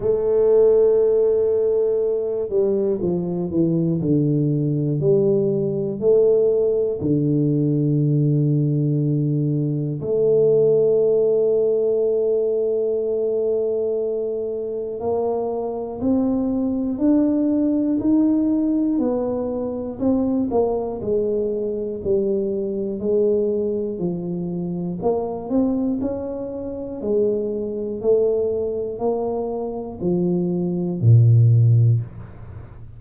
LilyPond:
\new Staff \with { instrumentName = "tuba" } { \time 4/4 \tempo 4 = 60 a2~ a8 g8 f8 e8 | d4 g4 a4 d4~ | d2 a2~ | a2. ais4 |
c'4 d'4 dis'4 b4 | c'8 ais8 gis4 g4 gis4 | f4 ais8 c'8 cis'4 gis4 | a4 ais4 f4 ais,4 | }